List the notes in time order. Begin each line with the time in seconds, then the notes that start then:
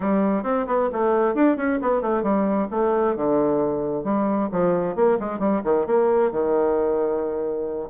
0.00 G3
0.43 C4
0.66 B3
0.92 A3
1.34 D4
1.56 C#4
1.81 B3
2.01 A3
2.22 G3
2.70 A3
3.16 D3
4.04 G3
4.51 F3
4.95 A#3
5.19 G#3
5.39 G3
5.63 D#3
5.86 A#3
6.31 D#3